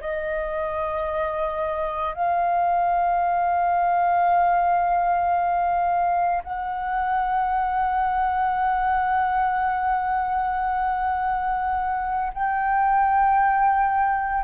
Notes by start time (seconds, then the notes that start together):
0.00 D#5
2.14 F5
6.43 F#5
12.34 G5